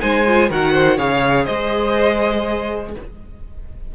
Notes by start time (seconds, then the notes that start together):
0.00 G#3 D#4 C5 G#5
0.27 F4
0.50 D#3 F#4 A#4 F#5
0.73 C5
0.97 C#3 G#4 C#5 F5
1.44 G#3 C5 D#5